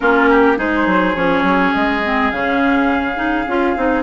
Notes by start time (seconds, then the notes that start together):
0.00 A#3 C#4 F4 A#4
0.29 G4
0.56 G#3 D#4 G#4 C5
0.86 F#3
1.15 F3 C#4 C#5
1.42 F#3
1.73 G#3 D#5
2.04 C4
2.31 C#3 C#4 F5
3.15 D#4
3.47 C#4 F4
3.76 C4 D#4